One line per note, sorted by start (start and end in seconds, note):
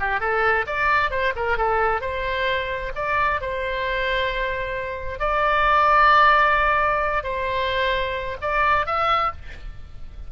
0.00 0.20 G4
0.20 0.66 A4
0.67 1.11 D5
1.11 1.33 C5
1.36 1.58 A#4
1.58 2.01 A4
2.01 2.92 C5
2.96 3.41 D5
3.41 5.20 C5
5.20 7.24 D5
7.24 8.37 C5
8.42 8.87 D5
8.87 9.32 E5